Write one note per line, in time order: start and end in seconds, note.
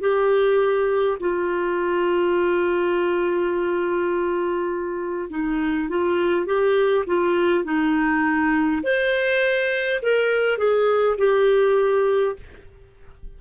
0.00 1.18 G4
1.19 5.30 F4
5.30 5.89 D#4
5.89 6.45 F4
6.45 7.04 G4
7.06 7.64 F4
7.64 8.82 D#4
8.83 10.01 C5
10.02 10.58 A#4
10.58 11.17 G#4
11.18 12.35 G4